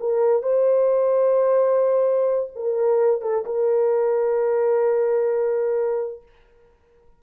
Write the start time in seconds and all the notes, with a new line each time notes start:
0.00 A#4
0.43 C5
2.55 A#4
3.22 A4
3.46 A#4